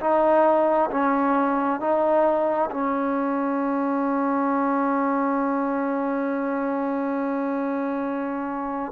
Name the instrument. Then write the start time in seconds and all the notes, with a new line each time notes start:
trombone
0.00 D#4
0.90 C#4
1.80 D#4
2.71 C#4